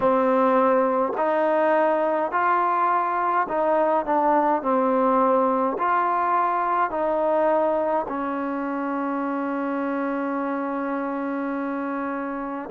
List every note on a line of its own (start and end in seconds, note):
0.00 1.12 C4
1.17 2.31 D#4
2.31 3.47 F4
3.48 4.05 D#4
4.05 4.62 D4
4.62 5.77 C4
5.78 6.90 F4
6.90 8.06 D#4
8.08 12.69 C#4